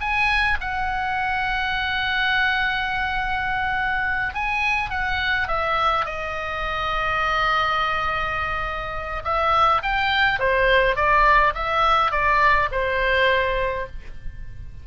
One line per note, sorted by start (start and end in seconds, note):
0.00 0.58 G#5
0.61 4.34 F#5
4.34 4.90 G#5
4.90 5.48 F#5
5.48 6.05 E5
6.05 9.23 D#5
9.24 9.82 E5
9.83 10.39 G5
10.39 10.95 C5
10.95 11.53 D5
11.54 12.11 E5
12.11 12.69 D5
12.71 13.86 C5